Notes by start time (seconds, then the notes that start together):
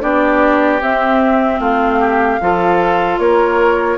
0.00 B3 D4 G4 D5
0.81 C4 E5
1.59 A3 F4 F5
1.99 G4
2.40 F3 F4 A4
3.18 A#3 A#4 C#5